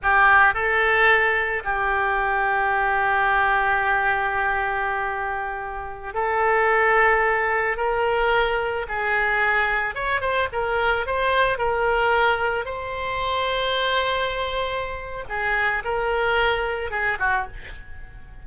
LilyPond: \new Staff \with { instrumentName = "oboe" } { \time 4/4 \tempo 4 = 110 g'4 a'2 g'4~ | g'1~ | g'2.~ g'16 a'8.~ | a'2~ a'16 ais'4.~ ais'16~ |
ais'16 gis'2 cis''8 c''8 ais'8.~ | ais'16 c''4 ais'2 c''8.~ | c''1 | gis'4 ais'2 gis'8 fis'8 | }